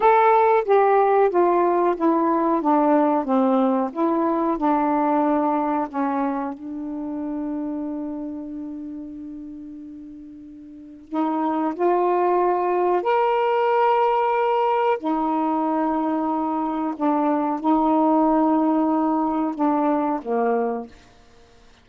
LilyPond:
\new Staff \with { instrumentName = "saxophone" } { \time 4/4 \tempo 4 = 92 a'4 g'4 f'4 e'4 | d'4 c'4 e'4 d'4~ | d'4 cis'4 d'2~ | d'1~ |
d'4 dis'4 f'2 | ais'2. dis'4~ | dis'2 d'4 dis'4~ | dis'2 d'4 ais4 | }